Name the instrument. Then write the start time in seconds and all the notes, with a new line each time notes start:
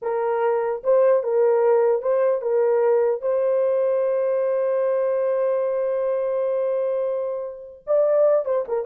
horn
0.02 A#4
0.83 C5
1.23 A#4
2.02 C5
2.41 A#4
3.21 C5
7.86 D5
8.45 C5
8.68 A#4